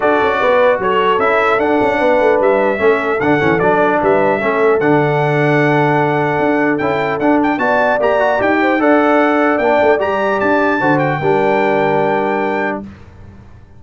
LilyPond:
<<
  \new Staff \with { instrumentName = "trumpet" } { \time 4/4 \tempo 4 = 150 d''2 cis''4 e''4 | fis''2 e''2 | fis''4 d''4 e''2 | fis''1~ |
fis''4 g''4 fis''8 g''8 a''4 | ais''4 g''4 fis''2 | g''4 ais''4 a''4. g''8~ | g''1 | }
  \new Staff \with { instrumentName = "horn" } { \time 4/4 a'4 b'4 a'2~ | a'4 b'2 a'4~ | a'2 b'4 a'4~ | a'1~ |
a'2. d''4~ | d''4. c''8 d''2~ | d''2. c''4 | ais'1 | }
  \new Staff \with { instrumentName = "trombone" } { \time 4/4 fis'2. e'4 | d'2. cis'4 | d'8 cis'8 d'2 cis'4 | d'1~ |
d'4 e'4 d'4 fis'4 | g'8 fis'8 g'4 a'2 | d'4 g'2 fis'4 | d'1 | }
  \new Staff \with { instrumentName = "tuba" } { \time 4/4 d'8 cis'8 b4 fis4 cis'4 | d'8 cis'8 b8 a8 g4 a4 | d8 e8 fis4 g4 a4 | d1 |
d'4 cis'4 d'4 b4 | ais4 dis'4 d'2 | ais8 a8 g4 d'4 d4 | g1 | }
>>